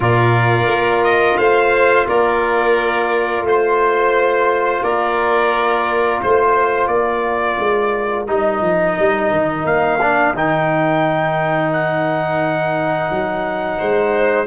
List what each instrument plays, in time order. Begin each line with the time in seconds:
0.00 tuba A#2, trombone F4, violin A#4, trumpet D5
0.66 tuba A#3
1.03 trumpet D#5
1.37 tuba A3, violin C5, trumpet F5
2.07 tuba A#3, violin A#4, trumpet D5
3.42 tuba A3, trumpet C5, violin C5
4.82 tuba A#3, violin A#4, trumpet D5
6.21 tuba A3, trumpet C5, violin C5
6.87 tuba A#3, violin A#4, trumpet D5
7.58 tuba G#3
8.27 tuba G3, trombone D#4, trumpet D#5
8.61 tuba F3
8.98 tuba G3
9.30 tuba D#3
9.64 tuba A#3, trumpet F5
10.00 trombone D4
10.33 tuba D#3, trombone D#4, trumpet G5
11.72 trumpet F#5
13.10 tuba F#3
13.78 tuba G#3, violin C5